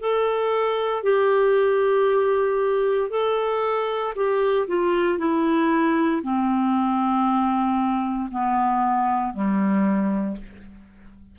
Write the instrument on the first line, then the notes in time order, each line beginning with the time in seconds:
clarinet
0.00 A4
1.03 G4
3.10 A4
4.16 G4
4.68 F4
5.19 E4
6.23 C4
8.31 B3
9.33 G3